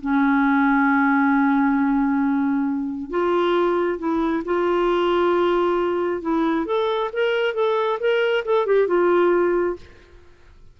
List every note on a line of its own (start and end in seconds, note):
0.00 3.09 C#4
3.09 3.98 F4
3.98 4.43 E4
4.44 6.21 F4
6.21 6.65 E4
6.65 7.10 A4
7.12 7.54 A#4
7.54 7.98 A4
7.99 8.44 A#4
8.45 8.66 A4
8.66 8.87 G4
8.87 9.76 F4